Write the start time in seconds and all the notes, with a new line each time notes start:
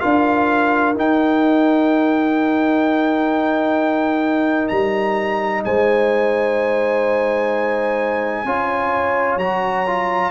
0.00 D4 F4 A#4 F5
0.95 D#4 G5
4.68 G3 A#5
5.65 G#3 C5 G#5
8.45 C#4 F4 C#5
9.37 F#3 F#4 A#5
9.87 F4